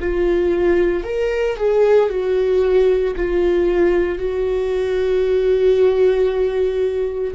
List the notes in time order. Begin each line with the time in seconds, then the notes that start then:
0.00 F4
1.04 A#4
1.57 G#4
2.10 F#4
3.16 F4
4.19 F#4